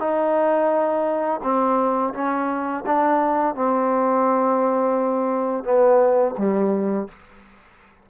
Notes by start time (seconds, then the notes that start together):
0.00 D#4
1.43 C4
2.14 C#4
2.87 D4
3.56 C4
5.65 B3
6.38 G3